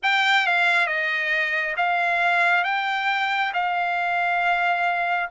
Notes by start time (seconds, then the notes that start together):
0.02 G5
0.46 F5
0.86 D#5
1.76 F5
2.64 G5
3.53 F5